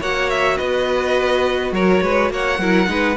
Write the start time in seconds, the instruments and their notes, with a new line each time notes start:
0.00 cello A#3, viola F#4, violin C#5 F#5
0.30 violin E5
0.57 cello B3, violin B4 D#5
1.72 cello F#3, violin A#4 C#5
2.02 cello G#3, violin B4
2.30 cello A#3, violin C#5 F#5
2.59 cello F#3, viola E4, violin A#4
2.87 cello G#3, viola D#4, violin B4